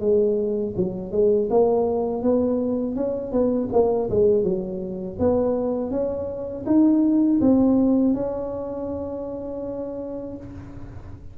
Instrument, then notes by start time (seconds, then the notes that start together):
tuba
0.00 G#3
0.76 F#3
1.12 G#3
1.50 A#3
2.23 B3
2.96 C#4
3.32 B3
3.73 A#3
4.10 G#3
4.44 F#3
5.20 B3
5.91 C#4
6.66 D#4
7.41 C4
8.14 C#4